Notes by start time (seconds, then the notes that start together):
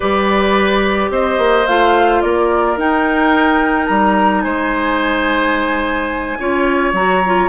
0.00 G3 G4 B4 D5
1.10 C4 C5 D#5
1.38 A#3
1.66 A3 F4 F5
2.21 A#3 A#4 D5
2.76 D#4 G5
3.86 G3 A#5
4.41 G#3 C5 G#5
6.39 C#4 F4 C#5
6.93 F#3 F#4 A#5
7.25 F4